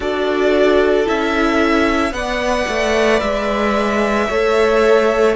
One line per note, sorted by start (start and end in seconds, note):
0.00 1.06 D4
0.00 1.05 F#4
0.00 2.11 A4
0.00 1.07 D5
1.05 2.11 C#4
1.05 2.12 E4
1.05 2.13 E5
2.11 2.65 B3
2.11 4.28 B4
2.11 4.29 D5
2.11 3.20 F#5
2.67 3.21 A3
3.20 4.28 G#3
3.20 5.34 E5
4.29 5.36 A3
4.29 5.36 A4
4.29 5.36 C#5